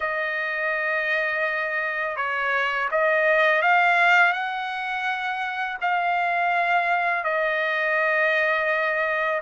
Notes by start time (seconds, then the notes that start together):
0.00 D#5
2.16 C#5
2.91 D#5
3.61 F5
4.32 F#5
5.81 F5
7.24 D#5